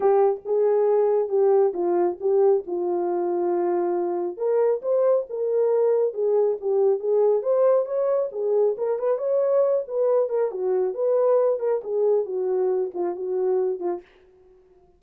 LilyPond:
\new Staff \with { instrumentName = "horn" } { \time 4/4 \tempo 4 = 137 g'4 gis'2 g'4 | f'4 g'4 f'2~ | f'2 ais'4 c''4 | ais'2 gis'4 g'4 |
gis'4 c''4 cis''4 gis'4 | ais'8 b'8 cis''4. b'4 ais'8 | fis'4 b'4. ais'8 gis'4 | fis'4. f'8 fis'4. f'8 | }